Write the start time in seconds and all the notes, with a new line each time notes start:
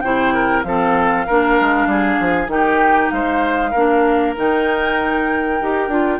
0.00 C3 E4 C5 G5
0.33 A#4
0.63 F3 C4 A4 F5
1.26 A#3 D4 A#4
1.60 G#3
1.86 G3 G#4
2.20 F3
2.47 D#3 D#4 G4 G5
3.10 G#3 C5 F5
3.70 A#3 D4 A#4
4.35 D#3 D#4 G5
5.61 D#4 G4
5.88 D4 F4